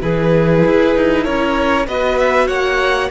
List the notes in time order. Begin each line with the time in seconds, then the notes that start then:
0.00 E3 E4 G#4 B4
0.65 E4
0.95 D#4
1.24 C#4 A#4 C#5
1.86 B3 F#4 B4 D#5
2.18 E5
2.47 A#3 C#5 F#5